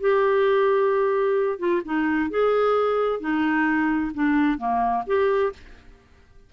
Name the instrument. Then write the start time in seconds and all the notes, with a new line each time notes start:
clarinet
0.00 G4
1.59 F4
1.85 D#4
2.30 G#4
3.20 D#4
4.14 D4
4.58 A#3
5.07 G4